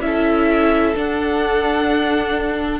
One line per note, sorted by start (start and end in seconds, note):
0.00 0.94 C#4
0.00 0.95 E4
0.00 2.80 A4
0.00 0.95 E5
0.95 2.80 D4
0.95 2.80 F#5